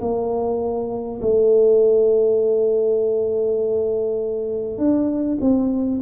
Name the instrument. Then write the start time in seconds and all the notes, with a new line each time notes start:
tuba
0.00 A#3
1.21 A3
4.78 D4
5.41 C4